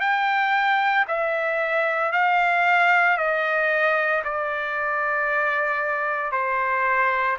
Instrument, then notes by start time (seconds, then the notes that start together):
trumpet
0.00 G5
1.07 E5
2.12 F5
3.17 D#5
4.24 D5
6.32 C5